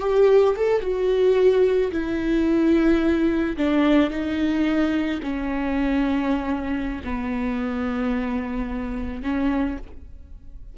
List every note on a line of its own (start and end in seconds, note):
0.00 0.55 G4
0.57 0.81 A4
0.81 1.91 F#4
1.91 3.57 E4
3.57 4.10 D4
4.10 5.20 D#4
5.23 7.02 C#4
7.04 9.23 B3
9.23 9.78 C#4